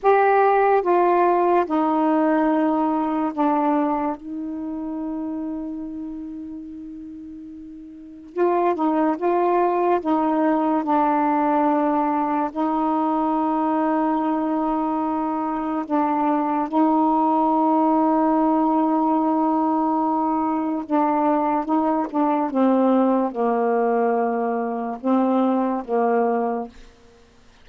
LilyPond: \new Staff \with { instrumentName = "saxophone" } { \time 4/4 \tempo 4 = 72 g'4 f'4 dis'2 | d'4 dis'2.~ | dis'2 f'8 dis'8 f'4 | dis'4 d'2 dis'4~ |
dis'2. d'4 | dis'1~ | dis'4 d'4 dis'8 d'8 c'4 | ais2 c'4 ais4 | }